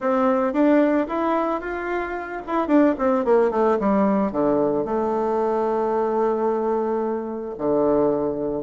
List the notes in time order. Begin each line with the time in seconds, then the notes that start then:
0.00 C4
0.53 D4
1.07 E4
1.60 F4
2.46 E4
2.67 D4
2.98 C4
3.25 A#3
3.51 A3
3.79 G3
4.31 D3
4.84 A3
7.57 D3